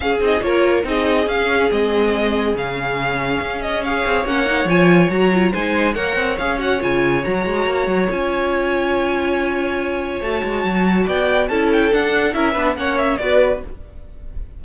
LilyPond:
<<
  \new Staff \with { instrumentName = "violin" } { \time 4/4 \tempo 4 = 141 f''8 dis''8 cis''4 dis''4 f''4 | dis''2 f''2~ | f''8 dis''8 f''4 fis''4 gis''4 | ais''4 gis''4 fis''4 f''8 fis''8 |
gis''4 ais''2 gis''4~ | gis''1 | a''2 g''4 a''8 g''8 | fis''4 e''4 fis''8 e''8 d''4 | }
  \new Staff \with { instrumentName = "violin" } { \time 4/4 gis'4 ais'4 gis'2~ | gis'1~ | gis'4 cis''2.~ | cis''4 c''4 cis''2~ |
cis''1~ | cis''1~ | cis''2 d''4 a'4~ | a'4 ais'8 b'8 cis''4 b'4 | }
  \new Staff \with { instrumentName = "viola" } { \time 4/4 cis'8 dis'8 f'4 dis'4 cis'4 | c'2 cis'2~ | cis'4 gis'4 cis'8 dis'8 f'4 | fis'8 f'8 dis'4 ais'4 gis'8 fis'8 |
f'4 fis'2 f'4~ | f'1 | fis'2. e'4 | d'4 e'8 d'8 cis'4 fis'4 | }
  \new Staff \with { instrumentName = "cello" } { \time 4/4 cis'8 c'8 ais4 c'4 cis'4 | gis2 cis2 | cis'4. c'8 ais4 f4 | fis4 gis4 ais8 c'8 cis'4 |
cis4 fis8 gis8 ais8 fis8 cis'4~ | cis'1 | a8 gis8 fis4 b4 cis'4 | d'4 cis'8 b8 ais4 b4 | }
>>